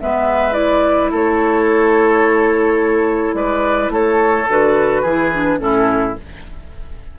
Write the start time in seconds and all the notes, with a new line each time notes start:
0.00 G#3 B3 B4 E5
0.52 E4 D5
1.11 A3 A4 C#5
3.34 G#3 B4 D5
3.89 A3 A4 C#5
4.49 D3 F#4 B4
5.02 E3 E4 G#4
5.34 D4
5.58 A2 C#4 E4 A4